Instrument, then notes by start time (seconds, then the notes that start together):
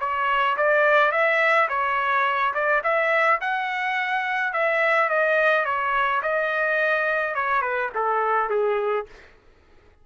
trumpet
0.00 C#5
0.57 D5
1.12 E5
1.69 C#5
2.54 D5
2.83 E5
3.41 F#5
4.53 E5
5.09 D#5
5.65 C#5
6.22 D#5
7.35 C#5
7.62 B4
7.95 A4
8.49 G#4